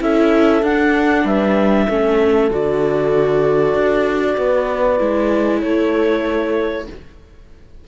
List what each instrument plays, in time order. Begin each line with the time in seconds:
0.00 cello C#4, viola E4, horn A4, clarinet E5
0.63 cello D4, viola D4, clarinet F#5
1.25 cello G3, horn B4, clarinet E5
1.89 cello A3, viola C#4, horn A4
2.51 cello D3, viola F#4, clarinet D5
3.74 cello D4
4.37 cello B3, horn B4
4.99 cello G#3, viola E4
5.62 cello A3, horn A4, clarinet C#5